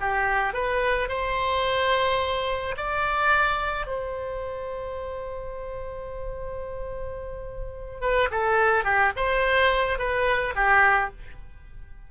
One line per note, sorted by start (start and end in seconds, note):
0.00 0.53 G4
0.53 1.09 B4
1.09 2.75 C5
2.77 3.87 D5
3.87 8.01 C5
8.01 8.29 B4
8.31 8.84 A4
8.84 9.12 G4
9.16 9.99 C5
9.99 10.54 B4
10.55 11.11 G4